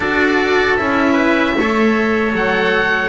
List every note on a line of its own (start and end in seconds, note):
0.00 0.78 D4
0.00 0.77 F#4
0.00 1.12 A4
0.00 0.76 D5
0.76 1.56 C#4
0.76 1.55 E4
0.76 2.32 E5
1.12 1.51 B4
1.56 2.32 A3
1.56 3.09 A4
1.56 3.09 C#5
2.32 3.09 F#3
2.32 3.09 F#5